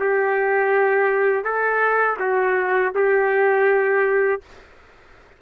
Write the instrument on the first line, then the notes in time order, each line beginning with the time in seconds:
trumpet
0.00 G4
1.44 A4
2.20 F#4
2.95 G4